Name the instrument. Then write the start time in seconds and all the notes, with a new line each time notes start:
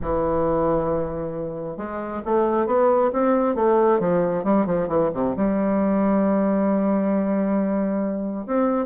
bassoon
0.01 E3
1.77 G#3
2.25 A3
2.66 B3
3.12 C4
3.55 A3
3.99 F3
4.43 G3
4.66 F3
4.87 E3
5.13 C3
5.36 G3
8.46 C4